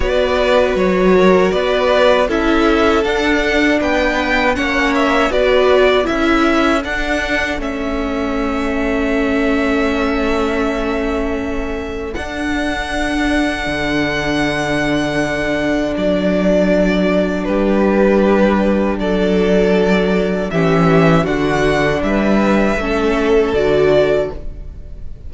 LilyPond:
<<
  \new Staff \with { instrumentName = "violin" } { \time 4/4 \tempo 4 = 79 d''4 cis''4 d''4 e''4 | fis''4 g''4 fis''8 e''8 d''4 | e''4 fis''4 e''2~ | e''1 |
fis''1~ | fis''4 d''2 b'4~ | b'4 d''2 e''4 | fis''4 e''2 d''4 | }
  \new Staff \with { instrumentName = "violin" } { \time 4/4 b'4. ais'8 b'4 a'4~ | a'4 b'4 cis''4 b'4 | a'1~ | a'1~ |
a'1~ | a'2. g'4~ | g'4 a'2 g'4 | fis'4 b'4 a'2 | }
  \new Staff \with { instrumentName = "viola" } { \time 4/4 fis'2. e'4 | d'2 cis'4 fis'4 | e'4 d'4 cis'2~ | cis'1 |
d'1~ | d'1~ | d'2. cis'4 | d'2 cis'4 fis'4 | }
  \new Staff \with { instrumentName = "cello" } { \time 4/4 b4 fis4 b4 cis'4 | d'4 b4 ais4 b4 | cis'4 d'4 a2~ | a1 |
d'2 d2~ | d4 fis2 g4~ | g4 fis2 e4 | d4 g4 a4 d4 | }
>>